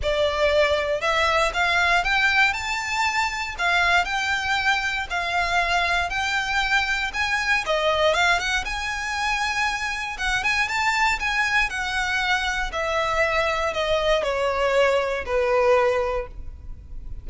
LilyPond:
\new Staff \with { instrumentName = "violin" } { \time 4/4 \tempo 4 = 118 d''2 e''4 f''4 | g''4 a''2 f''4 | g''2 f''2 | g''2 gis''4 dis''4 |
f''8 fis''8 gis''2. | fis''8 gis''8 a''4 gis''4 fis''4~ | fis''4 e''2 dis''4 | cis''2 b'2 | }